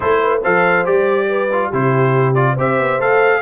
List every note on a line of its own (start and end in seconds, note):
0.00 0.45 A3
0.00 0.41 E4
0.00 0.21 A4
0.00 0.42 C5
0.22 0.41 B4
0.41 0.87 F3
0.41 0.84 A4
0.41 1.27 C5
0.41 0.86 F5
0.84 1.72 G3
0.84 1.49 G4
0.84 1.71 D5
1.29 1.68 B4
1.52 1.73 F4
1.68 2.58 C3
1.68 2.35 E4
1.68 2.52 G4
1.68 2.34 C5
2.34 2.56 F4
2.34 2.56 D5
2.52 2.78 C4
2.52 2.99 G4
2.52 3.38 C5
2.59 3.00 E5
2.78 2.98 B3
2.98 3.41 A3
2.98 3.41 A4
2.98 3.41 F5